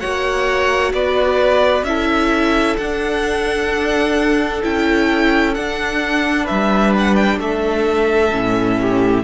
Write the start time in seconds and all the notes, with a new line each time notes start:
0.00 A#3 F#4 C#5 F#5
0.93 B3 B4 D5
1.83 C#4 E4 A4 E5
2.78 D4 F#5
4.63 C#4 E4 G5
5.54 D4 F#5
6.44 G3 B4 E5
6.98 F#5
7.16 G5
7.39 A3 A4 E5
8.32 A2 C#4
8.81 G4